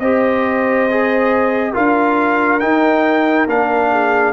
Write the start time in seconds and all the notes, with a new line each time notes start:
0.00 C4 G4 C5 D#5
0.91 G#4
1.73 D4 F4 A#4 F5
2.60 D#4 G5
3.47 A#3 D4 F5
3.91 G#4